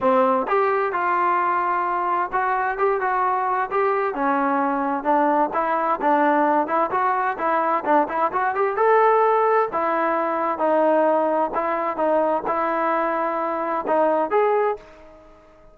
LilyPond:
\new Staff \with { instrumentName = "trombone" } { \time 4/4 \tempo 4 = 130 c'4 g'4 f'2~ | f'4 fis'4 g'8 fis'4. | g'4 cis'2 d'4 | e'4 d'4. e'8 fis'4 |
e'4 d'8 e'8 fis'8 g'8 a'4~ | a'4 e'2 dis'4~ | dis'4 e'4 dis'4 e'4~ | e'2 dis'4 gis'4 | }